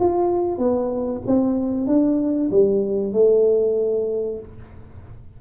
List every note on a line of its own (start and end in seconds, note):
0.00 0.58 F4
0.58 1.21 B3
1.27 1.87 C4
1.87 2.50 D4
2.51 3.13 G3
3.13 4.40 A3